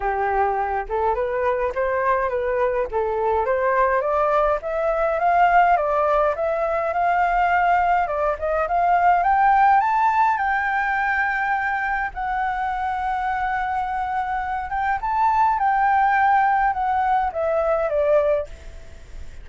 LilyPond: \new Staff \with { instrumentName = "flute" } { \time 4/4 \tempo 4 = 104 g'4. a'8 b'4 c''4 | b'4 a'4 c''4 d''4 | e''4 f''4 d''4 e''4 | f''2 d''8 dis''8 f''4 |
g''4 a''4 g''2~ | g''4 fis''2.~ | fis''4. g''8 a''4 g''4~ | g''4 fis''4 e''4 d''4 | }